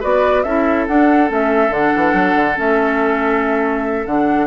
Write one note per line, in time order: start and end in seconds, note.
0.00 0.44 B3
0.00 0.44 F#4
0.00 0.43 B4
0.00 0.43 D5
0.43 0.87 C#4
0.43 0.89 E4
0.43 4.47 A4
0.43 0.86 E5
0.87 1.30 D4
0.87 1.28 D4
0.87 1.30 F#5
1.28 1.70 A3
1.28 1.70 C#4
1.28 1.73 E5
1.70 1.91 D3
1.70 2.55 D4
1.70 2.58 F#5
1.96 2.13 E3
2.13 2.34 F#3
2.35 2.57 D3
2.55 4.06 A3
2.55 4.04 C#4
2.55 4.06 E5
4.06 4.47 D3
4.06 4.47 D4
4.06 4.47 F#5